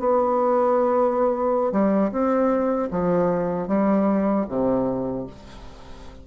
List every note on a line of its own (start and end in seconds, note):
0.00 1.72 B3
1.72 2.11 G3
2.12 2.90 C4
2.91 3.68 F3
3.68 4.46 G3
4.49 5.27 C3